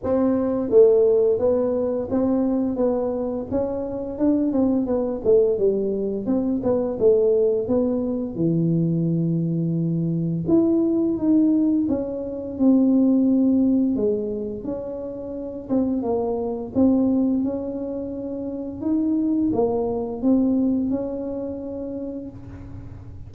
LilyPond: \new Staff \with { instrumentName = "tuba" } { \time 4/4 \tempo 4 = 86 c'4 a4 b4 c'4 | b4 cis'4 d'8 c'8 b8 a8 | g4 c'8 b8 a4 b4 | e2. e'4 |
dis'4 cis'4 c'2 | gis4 cis'4. c'8 ais4 | c'4 cis'2 dis'4 | ais4 c'4 cis'2 | }